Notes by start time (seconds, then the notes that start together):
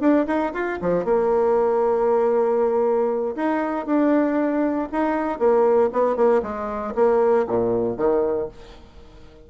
0.00 D4
0.27 D#4
0.53 F4
0.82 F3
1.05 A#3
3.36 D#4
3.86 D4
4.92 D#4
5.39 A#3
5.93 B3
6.16 A#3
6.43 G#3
6.95 A#3
7.48 A#2
7.97 D#3